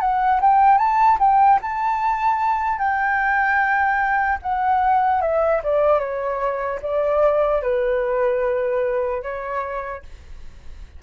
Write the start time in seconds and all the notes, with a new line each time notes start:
0.00 F#5
0.41 G5
0.78 A5
1.19 G5
1.62 A5
2.79 G5
4.42 F#5
5.21 E5
5.63 D5
6.00 C#5
6.82 D5
7.63 B4
9.23 C#5